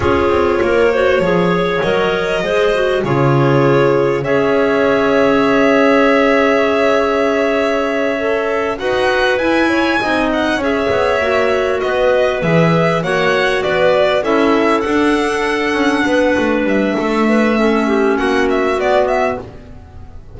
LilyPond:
<<
  \new Staff \with { instrumentName = "violin" } { \time 4/4 \tempo 4 = 99 cis''2. dis''4~ | dis''4 cis''2 e''4~ | e''1~ | e''2~ e''8 fis''4 gis''8~ |
gis''4 fis''8 e''2 dis''8~ | dis''8 e''4 fis''4 d''4 e''8~ | e''8 fis''2. e''8~ | e''2 fis''8 e''8 d''8 e''8 | }
  \new Staff \with { instrumentName = "clarinet" } { \time 4/4 gis'4 ais'8 c''8 cis''2 | c''4 gis'2 cis''4~ | cis''1~ | cis''2~ cis''8 b'4. |
cis''8 dis''4 cis''2 b'8~ | b'4. cis''4 b'4 a'8~ | a'2~ a'8 b'4. | a'8 b'8 a'8 g'8 fis'2 | }
  \new Staff \with { instrumentName = "clarinet" } { \time 4/4 f'4. fis'8 gis'4 ais'4 | gis'8 fis'8 f'2 gis'4~ | gis'1~ | gis'4. a'4 fis'4 e'8~ |
e'8 dis'4 gis'4 fis'4.~ | fis'8 gis'4 fis'2 e'8~ | e'8 d'2.~ d'8~ | d'4 cis'2 b4 | }
  \new Staff \with { instrumentName = "double bass" } { \time 4/4 cis'8 c'8 ais4 f4 fis4 | gis4 cis2 cis'4~ | cis'1~ | cis'2~ cis'8 dis'4 e'8~ |
e'8 c'4 cis'8 b8 ais4 b8~ | b8 e4 ais4 b4 cis'8~ | cis'8 d'4. cis'8 b8 a8 g8 | a2 ais4 b4 | }
>>